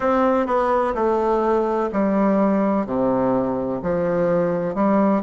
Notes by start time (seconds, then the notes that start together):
0.00 C4
0.46 B3
0.94 A3
1.92 G3
2.86 C3
3.82 F3
4.74 G3